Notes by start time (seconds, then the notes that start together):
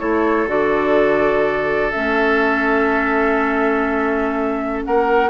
0.00 A3 E4 A4 C#5
0.47 D3 F#4 D5
1.92 A3 C#4 E5
4.85 A#3 A#4 F#5